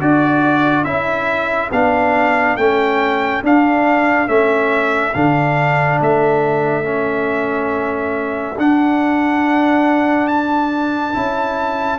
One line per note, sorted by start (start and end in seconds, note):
0.00 0.86 D4
0.00 0.86 F#4
0.00 11.99 A4
0.00 0.84 D5
0.84 1.71 C#4
0.84 1.71 E4
0.84 1.70 E5
1.72 2.57 B3
1.72 2.59 D4
1.72 2.57 F5
2.57 3.43 A3
2.57 3.44 C#4
2.57 3.43 G5
3.43 4.28 D4
3.43 4.28 F5
4.28 5.14 A3
4.28 5.14 C#4
4.28 5.14 E5
5.14 6.01 D3
5.14 6.84 D4
5.14 6.00 F5
6.01 8.58 A3
6.01 8.59 E5
6.84 8.55 C#4
8.58 11.15 D4
8.58 11.14 D4
8.58 10.28 F#5
10.28 11.99 A5
11.14 11.99 C#4
11.14 11.99 E4